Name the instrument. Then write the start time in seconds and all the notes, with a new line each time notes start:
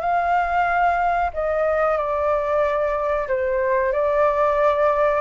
flute
0.00 F5
1.33 D#5
1.97 D5
3.28 C5
3.92 D5